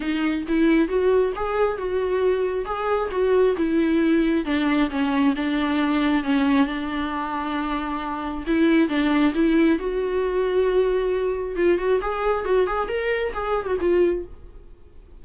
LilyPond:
\new Staff \with { instrumentName = "viola" } { \time 4/4 \tempo 4 = 135 dis'4 e'4 fis'4 gis'4 | fis'2 gis'4 fis'4 | e'2 d'4 cis'4 | d'2 cis'4 d'4~ |
d'2. e'4 | d'4 e'4 fis'2~ | fis'2 f'8 fis'8 gis'4 | fis'8 gis'8 ais'4 gis'8. fis'16 f'4 | }